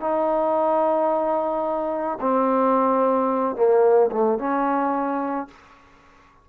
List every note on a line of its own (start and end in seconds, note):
0.00 2.18 D#4
2.20 3.56 C4
3.56 4.10 A#3
4.11 4.38 A3
4.38 5.47 C#4